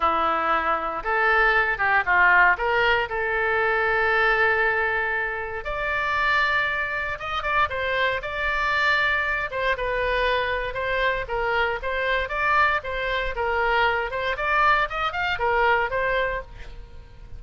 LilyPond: \new Staff \with { instrumentName = "oboe" } { \time 4/4 \tempo 4 = 117 e'2 a'4. g'8 | f'4 ais'4 a'2~ | a'2. d''4~ | d''2 dis''8 d''8 c''4 |
d''2~ d''8 c''8 b'4~ | b'4 c''4 ais'4 c''4 | d''4 c''4 ais'4. c''8 | d''4 dis''8 f''8 ais'4 c''4 | }